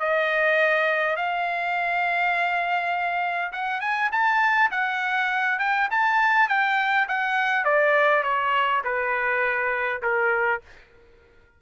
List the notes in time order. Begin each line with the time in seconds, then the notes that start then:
0.00 D#5
1.17 F5
3.52 F#5
3.81 G#5
4.12 A5
4.71 F#5
5.60 G5
5.91 A5
6.49 G5
7.09 F#5
7.65 D5
8.23 C#5
8.84 B4
10.03 A#4